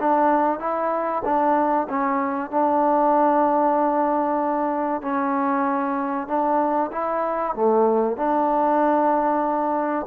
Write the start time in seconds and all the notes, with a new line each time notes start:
0.00 D4
0.59 E4
1.25 D4
1.89 C#4
2.51 D4
5.02 C#4
6.28 D4
6.92 E4
7.55 A3
8.17 D4